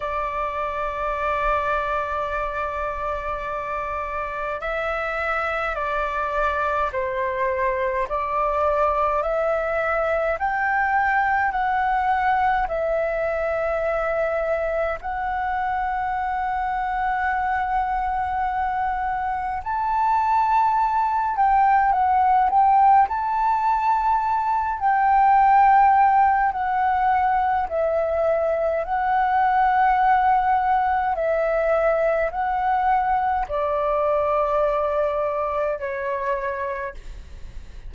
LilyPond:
\new Staff \with { instrumentName = "flute" } { \time 4/4 \tempo 4 = 52 d''1 | e''4 d''4 c''4 d''4 | e''4 g''4 fis''4 e''4~ | e''4 fis''2.~ |
fis''4 a''4. g''8 fis''8 g''8 | a''4. g''4. fis''4 | e''4 fis''2 e''4 | fis''4 d''2 cis''4 | }